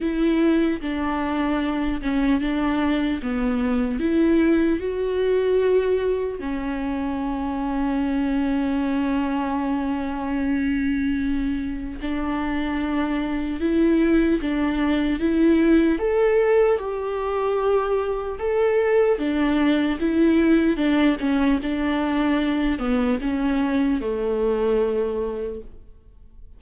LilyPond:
\new Staff \with { instrumentName = "viola" } { \time 4/4 \tempo 4 = 75 e'4 d'4. cis'8 d'4 | b4 e'4 fis'2 | cis'1~ | cis'2. d'4~ |
d'4 e'4 d'4 e'4 | a'4 g'2 a'4 | d'4 e'4 d'8 cis'8 d'4~ | d'8 b8 cis'4 a2 | }